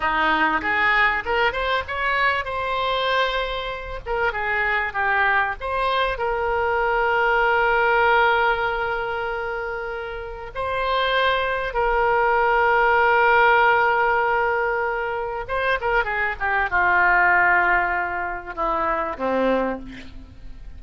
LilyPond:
\new Staff \with { instrumentName = "oboe" } { \time 4/4 \tempo 4 = 97 dis'4 gis'4 ais'8 c''8 cis''4 | c''2~ c''8 ais'8 gis'4 | g'4 c''4 ais'2~ | ais'1~ |
ais'4 c''2 ais'4~ | ais'1~ | ais'4 c''8 ais'8 gis'8 g'8 f'4~ | f'2 e'4 c'4 | }